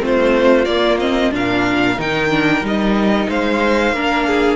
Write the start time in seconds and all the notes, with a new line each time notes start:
0.00 A3 C4 F4 C5
0.65 A#3 D5
0.99 C4 D#5
1.31 A#2 D4 A#4 F5
1.99 D#3 D#4 G5
2.30 D4
2.62 G3 D#4 D#5
3.29 G#3 C5 F5
3.93 A#3 D4 A#4
4.27 G#4